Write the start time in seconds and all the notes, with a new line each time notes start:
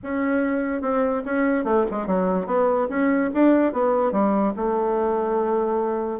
0.03 C#4
0.81 C4
1.25 C#4
1.64 A3
1.90 G#3
2.07 F#3
2.46 B3
2.89 C#4
3.34 D4
3.73 B3
4.12 G3
4.56 A3